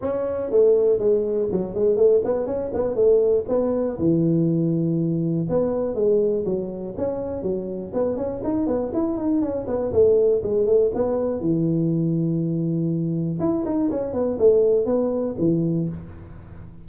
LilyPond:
\new Staff \with { instrumentName = "tuba" } { \time 4/4 \tempo 4 = 121 cis'4 a4 gis4 fis8 gis8 | a8 b8 cis'8 b8 a4 b4 | e2. b4 | gis4 fis4 cis'4 fis4 |
b8 cis'8 dis'8 b8 e'8 dis'8 cis'8 b8 | a4 gis8 a8 b4 e4~ | e2. e'8 dis'8 | cis'8 b8 a4 b4 e4 | }